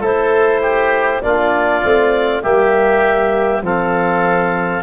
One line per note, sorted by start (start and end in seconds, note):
0.00 1.20 A3
0.00 1.22 E4
0.00 0.60 A4
0.00 1.22 C5
0.61 1.21 G4
1.22 1.82 A#3
1.22 1.82 D4
1.22 2.43 F4
1.22 2.42 D5
1.82 2.43 A3
1.82 2.42 C4
2.42 3.61 G3
2.42 3.62 A#3
2.42 3.62 G4
2.42 3.62 E5
3.61 4.81 F3
3.61 4.82 C4
3.61 4.82 A4
3.61 4.82 F5